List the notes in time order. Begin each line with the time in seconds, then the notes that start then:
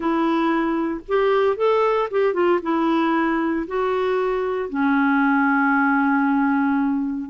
0.00 E4
1.07 G4
1.56 A4
2.10 G4
2.33 F4
2.62 E4
3.67 F#4
4.69 C#4